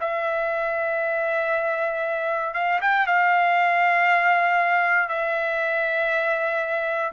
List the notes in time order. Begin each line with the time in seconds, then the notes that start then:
0.00 E5
2.54 F5
2.81 G5
3.06 F5
5.08 E5